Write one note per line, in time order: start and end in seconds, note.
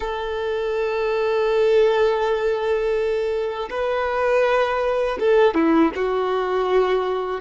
0.00 3.69 A4
3.70 5.18 B4
5.19 5.54 A4
5.54 5.91 E4
5.95 7.40 F#4